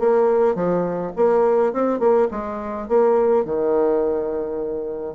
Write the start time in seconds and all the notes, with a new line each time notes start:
0.00 A#3
0.55 F3
1.17 A#3
1.74 C4
2.00 A#3
2.32 G#3
2.89 A#3
3.45 D#3